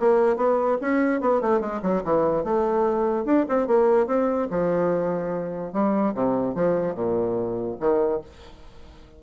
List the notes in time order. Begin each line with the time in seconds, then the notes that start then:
0.00 A#3
0.37 B3
0.82 C#4
1.21 B3
1.42 A3
1.61 G#3
1.83 F#3
2.05 E3
2.44 A3
3.26 D4
3.49 C4
3.67 A#3
4.07 C4
4.51 F3
5.73 G3
6.15 C3
6.55 F3
6.95 A#2
7.80 D#3